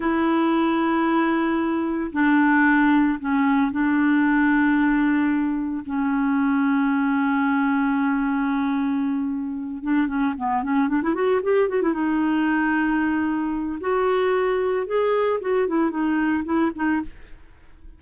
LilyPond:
\new Staff \with { instrumentName = "clarinet" } { \time 4/4 \tempo 4 = 113 e'1 | d'2 cis'4 d'4~ | d'2. cis'4~ | cis'1~ |
cis'2~ cis'8 d'8 cis'8 b8 | cis'8 d'16 e'16 fis'8 g'8 fis'16 e'16 dis'4.~ | dis'2 fis'2 | gis'4 fis'8 e'8 dis'4 e'8 dis'8 | }